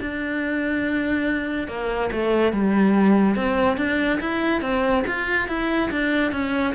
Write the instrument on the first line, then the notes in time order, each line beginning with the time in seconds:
cello
0.00 D4
1.68 A#3
2.12 A3
2.53 G3
3.36 C4
3.77 D4
4.20 E4
4.61 C4
5.07 F4
5.48 E4
5.91 D4
6.32 C#4